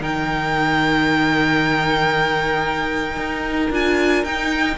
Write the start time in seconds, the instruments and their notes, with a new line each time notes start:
0.00 cello D#3, viola D#4, violin A#4 G5
3.17 cello D#4
3.71 cello D4, viola F4, violin G#5
4.24 cello D#4, viola D#4, violin G5